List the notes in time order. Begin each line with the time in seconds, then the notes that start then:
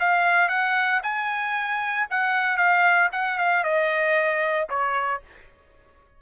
0.00 F5
0.49 F#5
1.03 G#5
2.10 F#5
2.57 F5
3.12 F#5
3.38 F5
3.64 D#5
4.69 C#5